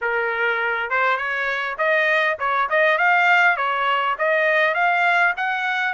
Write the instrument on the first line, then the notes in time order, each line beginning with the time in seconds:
trumpet
0.01 A#4
0.90 C5
1.17 C#5
1.78 D#5
2.39 C#5
2.69 D#5
2.97 F5
3.56 C#5
4.18 D#5
4.74 F5
5.36 F#5